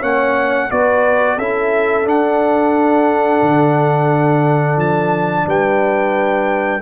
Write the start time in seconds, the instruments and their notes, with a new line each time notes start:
0.00 tuba A#3, trombone C#4, horn C#5, trumpet F#5
0.71 tuba B3, trombone F#4, horn B4, trumpet D5
1.37 tuba C#4, trombone E4, horn A4, trumpet E5
2.04 trombone D4, tuba D4, trumpet F#5
3.42 tuba D3
4.77 tuba F3, trumpet A5
5.46 tuba G3, horn B4, trumpet G5